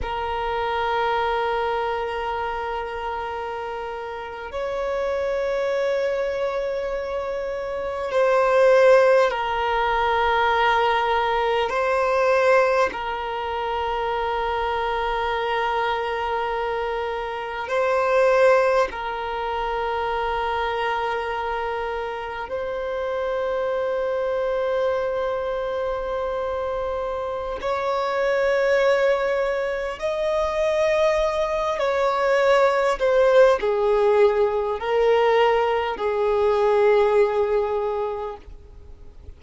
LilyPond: \new Staff \with { instrumentName = "violin" } { \time 4/4 \tempo 4 = 50 ais'2.~ ais'8. cis''16~ | cis''2~ cis''8. c''4 ais'16~ | ais'4.~ ais'16 c''4 ais'4~ ais'16~ | ais'2~ ais'8. c''4 ais'16~ |
ais'2~ ais'8. c''4~ c''16~ | c''2. cis''4~ | cis''4 dis''4. cis''4 c''8 | gis'4 ais'4 gis'2 | }